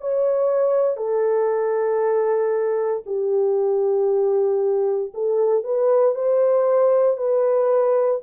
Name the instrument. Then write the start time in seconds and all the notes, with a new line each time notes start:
horn
0.00 C#5
0.96 A4
3.06 G4
5.13 A4
5.63 B4
6.14 C5
7.17 B4